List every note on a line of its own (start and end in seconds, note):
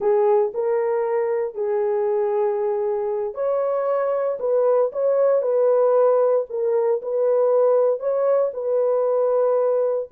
0.00 0.52 G#4
0.54 1.54 A#4
1.54 3.34 G#4
3.34 4.38 C#5
4.39 4.91 B4
4.92 5.42 C#5
5.42 6.45 B4
6.49 7.01 A#4
7.02 7.99 B4
7.99 8.51 C#5
8.53 10.08 B4